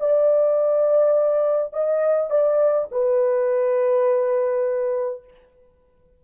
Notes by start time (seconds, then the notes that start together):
0.00 D5
1.73 D#5
2.30 D5
2.92 B4